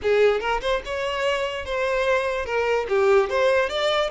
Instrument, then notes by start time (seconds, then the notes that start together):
violin
0.02 G#4
0.40 A#4
0.61 C5
0.85 C#5
1.65 C5
2.45 A#4
2.88 G4
3.29 C5
3.69 D5